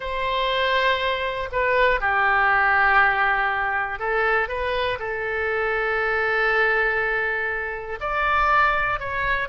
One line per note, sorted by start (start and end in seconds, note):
0.00 1.49 C5
1.52 2.00 B4
2.00 3.99 G4
3.99 4.48 A4
4.48 4.98 B4
4.99 7.99 A4
8.00 8.99 D5
8.99 9.48 C#5